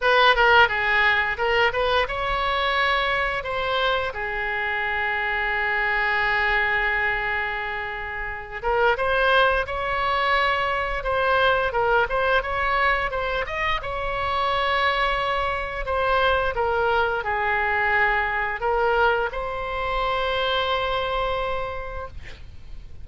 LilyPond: \new Staff \with { instrumentName = "oboe" } { \time 4/4 \tempo 4 = 87 b'8 ais'8 gis'4 ais'8 b'8 cis''4~ | cis''4 c''4 gis'2~ | gis'1~ | gis'8 ais'8 c''4 cis''2 |
c''4 ais'8 c''8 cis''4 c''8 dis''8 | cis''2. c''4 | ais'4 gis'2 ais'4 | c''1 | }